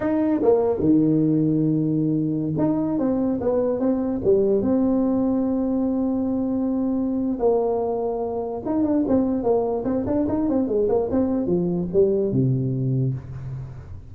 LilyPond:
\new Staff \with { instrumentName = "tuba" } { \time 4/4 \tempo 4 = 146 dis'4 ais4 dis2~ | dis2~ dis16 dis'4 c'8.~ | c'16 b4 c'4 g4 c'8.~ | c'1~ |
c'2 ais2~ | ais4 dis'8 d'8 c'4 ais4 | c'8 d'8 dis'8 c'8 gis8 ais8 c'4 | f4 g4 c2 | }